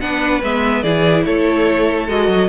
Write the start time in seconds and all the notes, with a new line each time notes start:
0.00 B3 D4 B4 F#5
0.43 G#3 B3 E5
0.82 E3 E4 G#4 D5
1.25 A3 A4 C#5
2.08 G#3 F#4 D#5
2.28 F#3